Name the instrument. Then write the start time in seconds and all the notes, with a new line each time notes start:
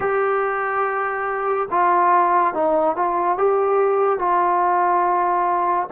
trombone
0.00 G4
1.71 F4
2.54 D#4
2.95 F4
3.37 G4
4.18 F4